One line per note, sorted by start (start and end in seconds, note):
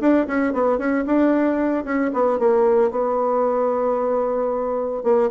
0.00 0.27 D4
0.27 0.53 C#4
0.53 0.78 B3
0.78 1.05 C#4
1.06 1.84 D4
1.84 2.11 C#4
2.13 2.39 B3
2.39 2.91 A#3
2.91 5.03 B3
5.03 5.30 A#3